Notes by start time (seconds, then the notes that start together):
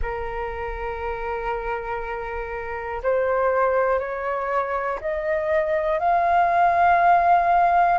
0.02 A#4
3.02 C5
3.99 C#5
5.00 D#5
5.99 F5